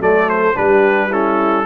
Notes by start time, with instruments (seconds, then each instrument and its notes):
0.00 tuba F#3, trombone A3, horn A4, trumpet D5
0.29 trumpet C5
0.55 tuba G3, trombone D4, horn G4, trumpet B4
1.09 trombone C#4, horn E4, trumpet A4